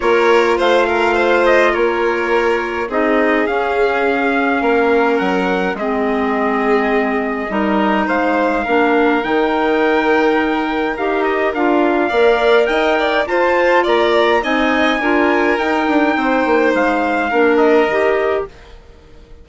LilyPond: <<
  \new Staff \with { instrumentName = "trumpet" } { \time 4/4 \tempo 4 = 104 cis''4 f''4. dis''8 cis''4~ | cis''4 dis''4 f''2~ | f''4 fis''4 dis''2~ | dis''2 f''2 |
g''2. f''8 dis''8 | f''2 g''4 a''4 | ais''4 gis''2 g''4~ | g''4 f''4. dis''4. | }
  \new Staff \with { instrumentName = "violin" } { \time 4/4 ais'4 c''8 ais'8 c''4 ais'4~ | ais'4 gis'2. | ais'2 gis'2~ | gis'4 ais'4 c''4 ais'4~ |
ais'1~ | ais'4 d''4 dis''8 d''8 c''4 | d''4 dis''4 ais'2 | c''2 ais'2 | }
  \new Staff \with { instrumentName = "clarinet" } { \time 4/4 f'1~ | f'4 dis'4 cis'2~ | cis'2 c'2~ | c'4 dis'2 d'4 |
dis'2. g'4 | f'4 ais'2 f'4~ | f'4 dis'4 f'4 dis'4~ | dis'2 d'4 g'4 | }
  \new Staff \with { instrumentName = "bassoon" } { \time 4/4 ais4 a2 ais4~ | ais4 c'4 cis'2 | ais4 fis4 gis2~ | gis4 g4 gis4 ais4 |
dis2. dis'4 | d'4 ais4 dis'4 f'4 | ais4 c'4 d'4 dis'8 d'8 | c'8 ais8 gis4 ais4 dis4 | }
>>